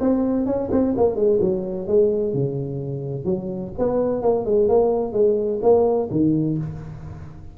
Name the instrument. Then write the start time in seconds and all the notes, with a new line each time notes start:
tuba
0.00 C4
0.46 C#4
0.71 C4
0.97 A#3
1.16 G#3
1.41 F#3
1.87 G#3
2.34 C#3
3.25 F#3
3.78 B3
4.22 A#3
4.45 G#3
4.68 A#3
5.13 G#3
5.62 A#3
6.11 D#3